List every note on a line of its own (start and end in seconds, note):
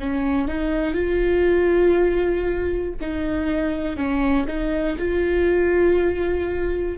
0.00 0.47 C#4
0.47 0.94 D#4
0.94 2.94 F4
3.01 3.96 D#4
3.96 4.46 C#4
4.47 4.97 D#4
4.98 6.98 F4